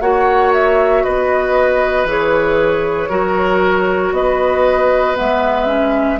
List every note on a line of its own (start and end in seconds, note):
0.00 1.03 A#3
0.00 2.07 F#4
0.00 1.03 C#5
0.00 0.52 F#5
0.53 1.04 E5
1.03 2.04 B3
1.03 3.09 B4
1.03 2.07 D#5
2.04 3.08 E3
2.04 3.09 G#4
2.04 4.13 C#5
3.09 4.11 F#3
3.09 5.14 F#4
3.09 4.12 A#4
4.11 5.15 B3
4.11 6.19 B4
4.11 5.16 D#5
5.14 6.19 G#3
5.14 5.66 B3
5.14 6.19 E5
5.66 6.18 C#4